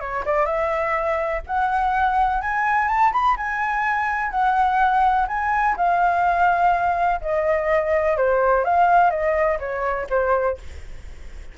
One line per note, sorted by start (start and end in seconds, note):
0.00 0.24 C#5
0.25 0.46 D5
0.46 1.42 E5
1.47 2.41 F#5
2.41 2.88 G#5
2.88 3.12 A5
3.12 3.36 B5
3.37 4.30 G#5
4.30 5.26 F#5
5.27 5.75 G#5
5.77 7.21 F5
7.21 8.17 D#5
8.17 8.64 C5
8.64 9.10 F5
9.10 9.58 D#5
9.59 10.07 C#5
10.09 10.57 C5